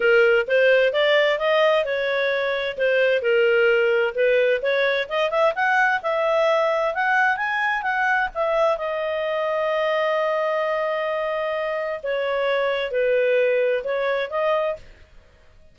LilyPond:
\new Staff \with { instrumentName = "clarinet" } { \time 4/4 \tempo 4 = 130 ais'4 c''4 d''4 dis''4 | cis''2 c''4 ais'4~ | ais'4 b'4 cis''4 dis''8 e''8 | fis''4 e''2 fis''4 |
gis''4 fis''4 e''4 dis''4~ | dis''1~ | dis''2 cis''2 | b'2 cis''4 dis''4 | }